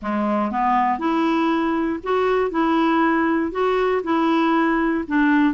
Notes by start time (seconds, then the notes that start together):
0.01 G#3
0.51 B3
0.99 E4
2.03 F#4
2.50 E4
3.51 F#4
4.03 E4
5.07 D4